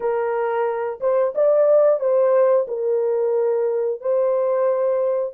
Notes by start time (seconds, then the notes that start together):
0.00 A#4
1.00 C5
1.34 D5
1.99 C5
2.67 A#4
4.00 C5